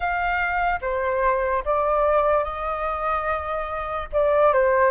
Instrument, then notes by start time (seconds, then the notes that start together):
flute
0.00 F5
0.81 C5
1.64 D5
2.44 D#5
4.12 D5
4.53 C5